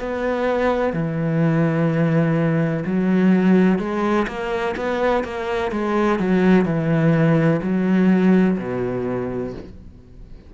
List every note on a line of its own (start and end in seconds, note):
0.00 0.94 B3
0.94 2.84 E3
2.86 3.79 F#3
3.79 4.26 G#3
4.28 4.76 A#3
4.77 5.24 B3
5.24 5.72 A#3
5.72 6.19 G#3
6.19 6.65 F#3
6.65 7.61 E3
7.63 8.58 F#3
8.58 9.54 B2